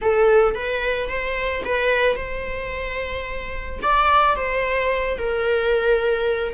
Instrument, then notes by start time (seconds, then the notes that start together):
viola
0.01 A4
0.55 B4
1.09 C5
1.64 B4
2.16 C5
3.82 D5
4.36 C5
5.17 A#4